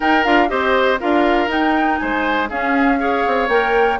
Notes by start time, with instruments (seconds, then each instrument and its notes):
0.00 clarinet D#4, bassoon D#4, oboe A#4, flute G5
0.24 bassoon D4, clarinet F4, flute F5
0.48 bassoon C4, clarinet G4, oboe C5, flute D#5
0.99 bassoon D4, clarinet F4, oboe A#4, flute F5
1.47 bassoon D#4, clarinet D#4, flute G5
1.98 bassoon G#3, oboe C5, flute G#5
2.49 clarinet C#4, bassoon C#4, oboe G#4, flute F5
2.98 clarinet G#4, oboe C#5
3.26 bassoon C4
3.48 bassoon A#3, clarinet A#4, flute G5